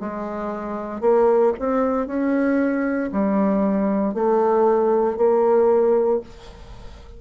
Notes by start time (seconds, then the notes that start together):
0.00 G#3
1.01 A#3
1.59 C4
2.07 C#4
3.12 G3
4.14 A3
5.17 A#3